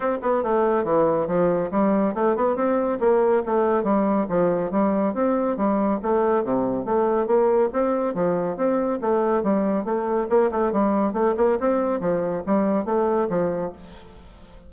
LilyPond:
\new Staff \with { instrumentName = "bassoon" } { \time 4/4 \tempo 4 = 140 c'8 b8 a4 e4 f4 | g4 a8 b8 c'4 ais4 | a4 g4 f4 g4 | c'4 g4 a4 c4 |
a4 ais4 c'4 f4 | c'4 a4 g4 a4 | ais8 a8 g4 a8 ais8 c'4 | f4 g4 a4 f4 | }